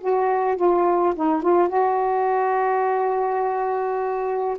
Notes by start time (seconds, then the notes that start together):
0.00 F#4
0.56 F4
1.15 D#4
1.42 F4
1.69 F#4